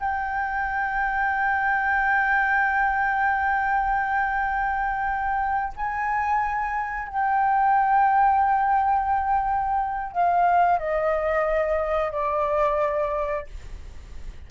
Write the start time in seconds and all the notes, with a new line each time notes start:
0.00 G5
5.76 G#5
7.08 G5
10.12 F5
10.79 D#5
12.12 D5